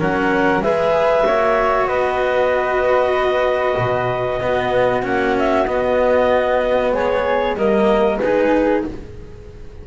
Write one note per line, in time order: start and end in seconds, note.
0.00 0.61 F#3
0.00 0.63 C#4
0.00 0.63 A#4
0.00 0.63 F#5
0.61 1.24 G#3
0.61 1.27 G#4
0.61 1.27 B4
0.61 1.87 E5
1.26 1.87 A#3
1.26 4.41 F#4
1.26 1.89 C#5
1.87 3.76 B3
1.87 4.41 B4
1.87 5.03 D#5
3.78 4.42 B2
4.41 5.03 B3
4.41 5.05 B3
4.41 6.94 F#4
5.03 5.68 A#3
5.03 5.66 C#4
5.03 5.36 F#5
5.39 5.66 E5
5.66 7.57 B3
5.66 6.93 B3
5.66 6.93 D#5
6.93 7.55 G#3
6.93 7.57 G#4
6.93 7.57 C#5
7.55 8.18 G3
7.55 8.21 A#3
7.55 8.21 A#4
7.55 8.19 D#5
8.19 8.84 G#3
8.19 8.88 D#4
8.19 8.86 G#4
8.19 8.82 B4